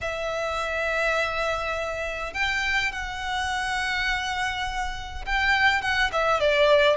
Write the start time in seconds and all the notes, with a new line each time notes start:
0.01 E5
2.33 G5
2.92 F#5
5.25 G5
5.81 F#5
6.12 E5
6.39 D5